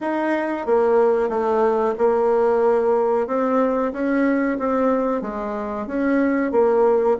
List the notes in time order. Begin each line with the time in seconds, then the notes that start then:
0.00 D#4
0.66 A#3
1.29 A3
1.98 A#3
3.27 C4
3.92 C#4
4.58 C4
5.21 G#3
5.86 C#4
6.51 A#3